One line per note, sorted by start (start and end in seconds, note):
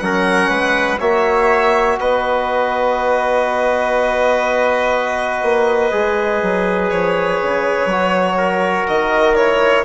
0.00 0.50 F#3
0.00 1.00 C#4
0.00 0.50 A#4
0.00 0.98 F#5
0.50 0.99 G#3
0.50 0.99 B4
0.99 1.99 A#3
0.99 5.92 F#4
0.99 1.98 C#5
0.99 1.99 E5
1.99 5.43 B3
1.99 8.38 B4
1.99 6.90 D#5
5.43 5.92 A#3
5.92 6.42 G#3
5.92 7.88 G#4
6.42 6.92 F#3
6.90 7.41 F3
6.90 8.87 C#5
7.42 7.86 C#3
7.86 8.85 F#3
7.86 9.37 F#4
8.38 9.85 A#4
8.88 9.85 D#3
8.88 9.36 D#5
9.36 9.85 E4
9.36 9.85 C#5